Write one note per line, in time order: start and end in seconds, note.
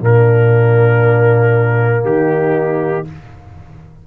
0.00 2.05 A#2
0.00 3.05 A#3
0.00 2.06 D4
0.00 2.05 A#4
2.05 3.07 D#3
2.05 3.07 D#4
2.05 3.07 G4